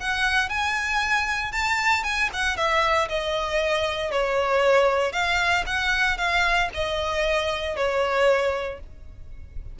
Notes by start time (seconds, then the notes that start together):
0.00 F#5
0.49 G#5
1.52 A5
2.03 G#5
2.33 F#5
2.57 E5
3.08 D#5
4.11 C#5
5.13 F5
5.66 F#5
6.17 F5
6.74 D#5
7.76 C#5